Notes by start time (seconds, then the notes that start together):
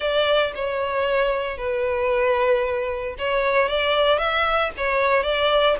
0.00 D5
0.55 C#5
1.57 B4
3.18 C#5
3.68 D5
4.18 E5
4.77 C#5
5.23 D5